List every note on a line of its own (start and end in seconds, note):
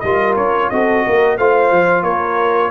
0.00 0.37 G3
0.00 0.73 F4
0.00 0.71 A#4
0.00 0.34 D#5
0.37 0.70 C#4
0.37 0.70 C#5
0.70 1.06 C4
0.70 1.39 F#4
0.70 1.06 A4
0.70 1.37 D#5
1.06 1.38 A#3
1.06 1.37 A#4
1.37 1.71 A3
1.37 2.71 F4
1.37 2.03 C5
1.37 2.04 F5
1.71 2.04 F3
2.03 2.71 A#3
2.03 2.71 A#4
2.03 2.71 C#5